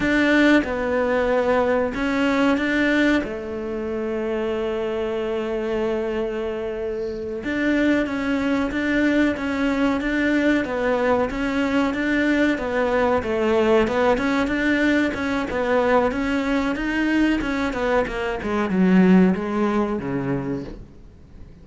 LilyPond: \new Staff \with { instrumentName = "cello" } { \time 4/4 \tempo 4 = 93 d'4 b2 cis'4 | d'4 a2.~ | a2.~ a8 d'8~ | d'8 cis'4 d'4 cis'4 d'8~ |
d'8 b4 cis'4 d'4 b8~ | b8 a4 b8 cis'8 d'4 cis'8 | b4 cis'4 dis'4 cis'8 b8 | ais8 gis8 fis4 gis4 cis4 | }